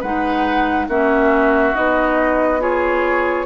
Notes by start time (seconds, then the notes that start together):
0.00 G#3 D#4 B4 F#5
0.88 A#3 C#4 F#4 E5
1.74 B3 D#4 D#5
2.60 F4 G#4 C#5